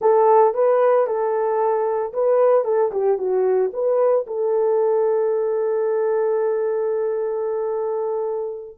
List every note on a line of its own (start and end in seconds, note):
0.01 0.54 A4
0.54 1.06 B4
1.06 2.12 A4
2.13 2.64 B4
2.64 2.91 A4
2.91 3.18 G4
3.18 3.71 F#4
3.73 4.26 B4
4.26 8.77 A4